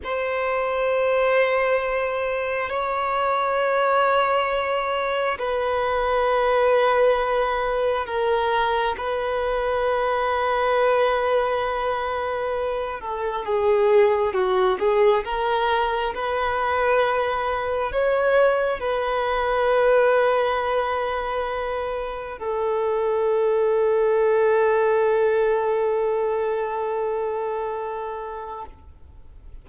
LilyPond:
\new Staff \with { instrumentName = "violin" } { \time 4/4 \tempo 4 = 67 c''2. cis''4~ | cis''2 b'2~ | b'4 ais'4 b'2~ | b'2~ b'8 a'8 gis'4 |
fis'8 gis'8 ais'4 b'2 | cis''4 b'2.~ | b'4 a'2.~ | a'1 | }